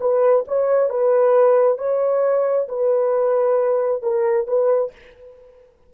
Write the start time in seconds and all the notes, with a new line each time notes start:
0.00 B4
0.47 C#5
0.90 B4
1.78 C#5
2.68 B4
4.02 A#4
4.47 B4